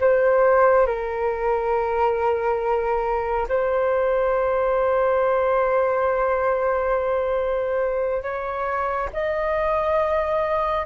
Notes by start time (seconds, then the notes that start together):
0.00 C5
0.87 A#4
3.49 C5
8.23 C#5
9.13 D#5